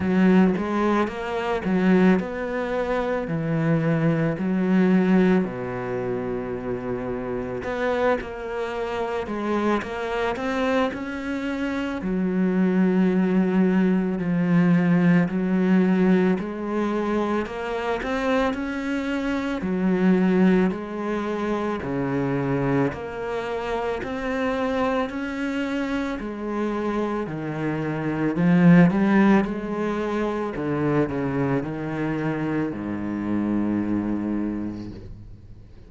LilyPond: \new Staff \with { instrumentName = "cello" } { \time 4/4 \tempo 4 = 55 fis8 gis8 ais8 fis8 b4 e4 | fis4 b,2 b8 ais8~ | ais8 gis8 ais8 c'8 cis'4 fis4~ | fis4 f4 fis4 gis4 |
ais8 c'8 cis'4 fis4 gis4 | cis4 ais4 c'4 cis'4 | gis4 dis4 f8 g8 gis4 | d8 cis8 dis4 gis,2 | }